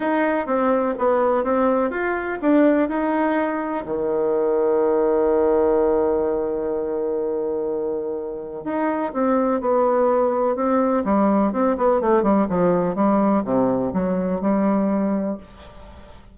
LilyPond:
\new Staff \with { instrumentName = "bassoon" } { \time 4/4 \tempo 4 = 125 dis'4 c'4 b4 c'4 | f'4 d'4 dis'2 | dis1~ | dis1~ |
dis2 dis'4 c'4 | b2 c'4 g4 | c'8 b8 a8 g8 f4 g4 | c4 fis4 g2 | }